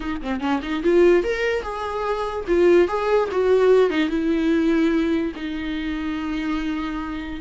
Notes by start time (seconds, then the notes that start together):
0.00 D#4
0.21 C4
0.40 C#4
0.62 D#4
0.83 F4
1.23 A#4
1.62 G#4
2.47 F4
2.88 G#4
3.31 F#4
3.90 D#4
4.09 E4
5.35 D#4